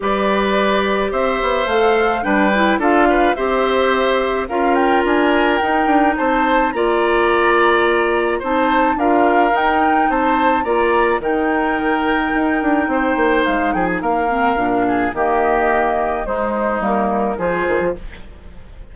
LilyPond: <<
  \new Staff \with { instrumentName = "flute" } { \time 4/4 \tempo 4 = 107 d''2 e''4 f''4 | g''4 f''4 e''2 | f''8 g''8 gis''4 g''4 a''4 | ais''2. a''4 |
f''4 g''4 a''4 ais''4 | g''1 | f''8 g''16 gis''16 f''2 dis''4~ | dis''4 c''4 ais'4 c''4 | }
  \new Staff \with { instrumentName = "oboe" } { \time 4/4 b'2 c''2 | b'4 a'8 b'8 c''2 | ais'2. c''4 | d''2. c''4 |
ais'2 c''4 d''4 | ais'2. c''4~ | c''8 gis'8 ais'4. gis'8 g'4~ | g'4 dis'2 gis'4 | }
  \new Staff \with { instrumentName = "clarinet" } { \time 4/4 g'2. a'4 | d'8 e'8 f'4 g'2 | f'2 dis'2 | f'2. dis'4 |
f'4 dis'2 f'4 | dis'1~ | dis'4. c'8 d'4 ais4~ | ais4 gis4 ais4 f'4 | }
  \new Staff \with { instrumentName = "bassoon" } { \time 4/4 g2 c'8 b8 a4 | g4 d'4 c'2 | cis'4 d'4 dis'8 d'8 c'4 | ais2. c'4 |
d'4 dis'4 c'4 ais4 | dis2 dis'8 d'8 c'8 ais8 | gis8 f8 ais4 ais,4 dis4~ | dis4 gis4 g4 f8 dis16 f16 | }
>>